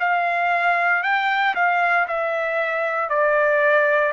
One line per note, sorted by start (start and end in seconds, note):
0.00 1.03 F5
1.03 1.55 G5
1.55 2.07 F5
2.08 3.09 E5
3.09 4.12 D5